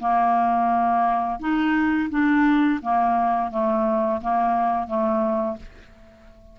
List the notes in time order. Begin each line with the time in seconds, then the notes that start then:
0.00 A#3
1.40 D#4
2.11 D4
2.82 A#3
3.51 A3
4.21 A#3
4.87 A3